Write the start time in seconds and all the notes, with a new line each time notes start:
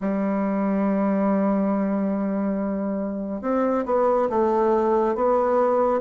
0.00 G3
3.41 C4
3.85 B3
4.29 A3
5.15 B3